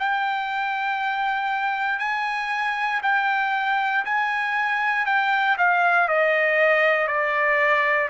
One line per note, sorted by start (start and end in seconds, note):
0.00 2.00 G5
2.00 3.01 G#5
3.03 4.05 G5
4.05 5.06 G#5
5.06 5.57 G5
5.58 6.09 F5
6.09 7.08 D#5
7.08 8.09 D5